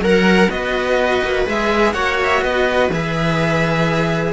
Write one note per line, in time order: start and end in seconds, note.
0.00 0.48 F#3
0.00 0.50 A#4
0.00 0.49 A#4
0.00 0.51 F#5
0.49 1.22 B3
0.49 1.45 F#4
0.49 1.94 B4
0.49 1.47 D#5
1.24 1.47 A#3
1.46 1.94 G#3
1.46 1.94 G#4
1.46 1.93 E5
1.93 2.42 A#3
1.93 2.90 F#4
1.93 2.42 C#5
1.93 2.17 F#5
2.23 2.43 E5
2.42 2.90 B3
2.42 4.33 B4
2.42 2.91 D#5
2.90 4.33 E3
2.90 4.33 G#4
2.90 4.33 E5